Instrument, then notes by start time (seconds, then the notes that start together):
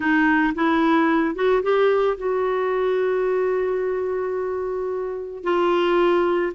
clarinet
0.00 D#4
0.54 E4
1.35 F#4
1.62 G4
2.17 F#4
5.43 F4